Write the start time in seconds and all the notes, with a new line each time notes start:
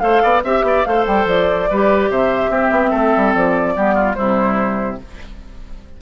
0.00 A3 A4 C5 F5
0.23 B3 D5
0.44 C4 G4 E5
0.63 B3 D5
0.85 A3 A4 C5 F5
1.07 G3 G5
1.26 F3 D5
1.70 G3 G4 B4
2.10 C3 C5 E5
2.50 C4 G4
2.72 B3
2.91 A3 A4
3.17 G3
3.35 F3 D5
3.76 G3 B3 G4
3.95 F4
4.14 C3 G3 E4 C5